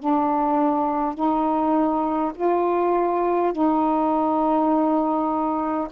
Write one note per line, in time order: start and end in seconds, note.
0.00 1.15 D4
1.15 2.33 D#4
2.36 3.53 F4
3.53 5.88 D#4